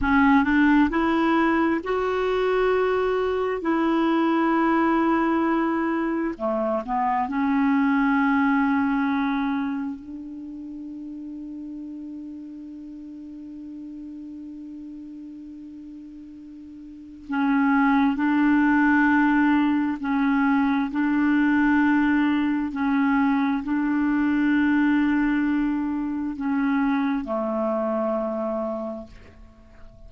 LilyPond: \new Staff \with { instrumentName = "clarinet" } { \time 4/4 \tempo 4 = 66 cis'8 d'8 e'4 fis'2 | e'2. a8 b8 | cis'2. d'4~ | d'1~ |
d'2. cis'4 | d'2 cis'4 d'4~ | d'4 cis'4 d'2~ | d'4 cis'4 a2 | }